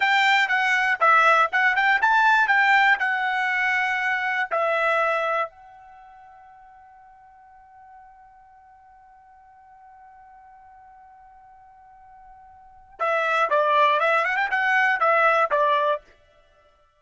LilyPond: \new Staff \with { instrumentName = "trumpet" } { \time 4/4 \tempo 4 = 120 g''4 fis''4 e''4 fis''8 g''8 | a''4 g''4 fis''2~ | fis''4 e''2 fis''4~ | fis''1~ |
fis''1~ | fis''1~ | fis''2 e''4 d''4 | e''8 fis''16 g''16 fis''4 e''4 d''4 | }